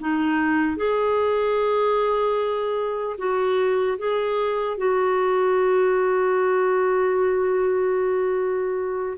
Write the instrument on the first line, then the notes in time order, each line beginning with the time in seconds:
clarinet
0.00 D#4
0.76 G#4
3.17 F#4
3.98 G#4
4.77 F#4